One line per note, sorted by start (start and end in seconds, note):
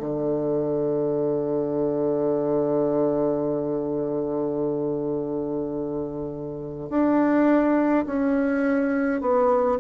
0.00 6.90 D3
6.90 8.06 D4
8.07 9.22 C#4
9.22 9.79 B3